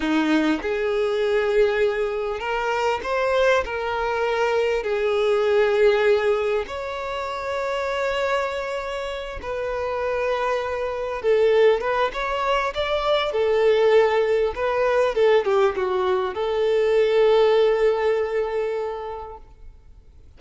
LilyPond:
\new Staff \with { instrumentName = "violin" } { \time 4/4 \tempo 4 = 99 dis'4 gis'2. | ais'4 c''4 ais'2 | gis'2. cis''4~ | cis''2.~ cis''8 b'8~ |
b'2~ b'8 a'4 b'8 | cis''4 d''4 a'2 | b'4 a'8 g'8 fis'4 a'4~ | a'1 | }